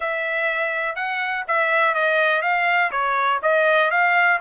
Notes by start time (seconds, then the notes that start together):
0.00 E5
0.95 F#5
1.47 E5
1.94 D#5
2.41 F5
2.91 C#5
3.42 D#5
3.90 F5